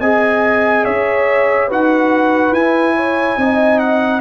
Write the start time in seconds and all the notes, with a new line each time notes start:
0.00 C4 G#4 D#5 G#5
0.84 C#4 C#5 E5
1.68 D#4 F#4 B4 F#5
2.51 E4 G#5
2.96 C#5
3.37 C4 D#4 D#5
3.79 F#5